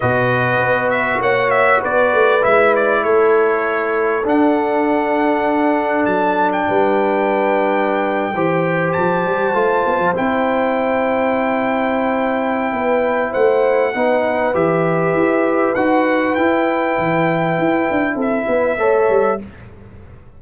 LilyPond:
<<
  \new Staff \with { instrumentName = "trumpet" } { \time 4/4 \tempo 4 = 99 dis''4. e''8 fis''8 e''8 d''4 | e''8 d''8 cis''2 fis''4~ | fis''2 a''8. g''4~ g''16~ | g''2~ g''8. a''4~ a''16~ |
a''8. g''2.~ g''16~ | g''2 fis''2 | e''2 fis''4 g''4~ | g''2 e''2 | }
  \new Staff \with { instrumentName = "horn" } { \time 4/4 b'2 cis''4 b'4~ | b'4 a'2.~ | a'2. b'4~ | b'4.~ b'16 c''2~ c''16~ |
c''1~ | c''4 b'4 c''4 b'4~ | b'1~ | b'2 a'8 b'8 cis''4 | }
  \new Staff \with { instrumentName = "trombone" } { \time 4/4 fis'1 | e'2. d'4~ | d'1~ | d'4.~ d'16 g'2 f'16~ |
f'8. e'2.~ e'16~ | e'2. dis'4 | g'2 fis'4 e'4~ | e'2. a'4 | }
  \new Staff \with { instrumentName = "tuba" } { \time 4/4 b,4 b4 ais4 b8 a8 | gis4 a2 d'4~ | d'2 fis4 g4~ | g4.~ g16 e4 f8 g8 a16~ |
a16 b16 f16 c'2.~ c'16~ | c'4 b4 a4 b4 | e4 e'4 dis'4 e'4 | e4 e'8 d'8 c'8 b8 a8 g8 | }
>>